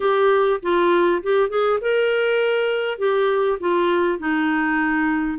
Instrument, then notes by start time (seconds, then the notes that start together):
clarinet
0.00 G4
0.62 F4
1.22 G4
1.49 G#4
1.81 A#4
2.98 G4
3.60 F4
4.18 D#4